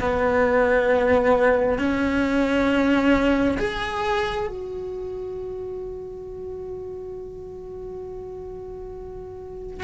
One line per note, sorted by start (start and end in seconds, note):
0.00 1.79 B3
1.79 3.58 C#4
3.58 4.48 G#4
4.48 9.83 F#4